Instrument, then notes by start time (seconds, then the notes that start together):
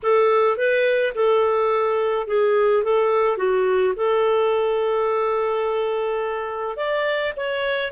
clarinet
0.03 A4
0.57 B4
1.14 A4
2.27 G#4
2.83 A4
3.37 F#4
3.96 A4
6.76 D5
7.36 C#5